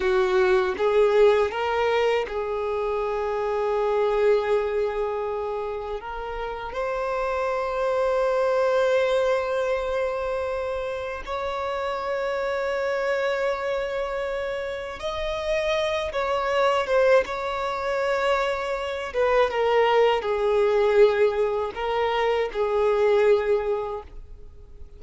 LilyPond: \new Staff \with { instrumentName = "violin" } { \time 4/4 \tempo 4 = 80 fis'4 gis'4 ais'4 gis'4~ | gis'1 | ais'4 c''2.~ | c''2. cis''4~ |
cis''1 | dis''4. cis''4 c''8 cis''4~ | cis''4. b'8 ais'4 gis'4~ | gis'4 ais'4 gis'2 | }